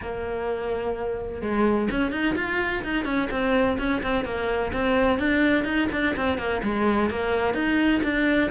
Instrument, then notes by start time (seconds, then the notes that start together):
cello
0.01 A#3
1.41 G#3
1.90 C#4
2.11 D#4
2.35 F4
2.83 D#4
3.05 C#4
3.30 C4
3.78 C#4
4.02 C4
4.24 A#3
4.72 C4
5.18 D4
5.64 D#4
5.92 D4
6.16 C4
6.38 A#3
6.63 G#3
7.10 A#3
7.54 D#4
8.03 D4